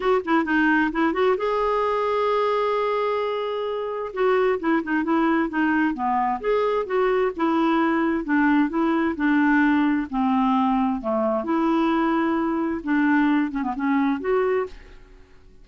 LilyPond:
\new Staff \with { instrumentName = "clarinet" } { \time 4/4 \tempo 4 = 131 fis'8 e'8 dis'4 e'8 fis'8 gis'4~ | gis'1~ | gis'4 fis'4 e'8 dis'8 e'4 | dis'4 b4 gis'4 fis'4 |
e'2 d'4 e'4 | d'2 c'2 | a4 e'2. | d'4. cis'16 b16 cis'4 fis'4 | }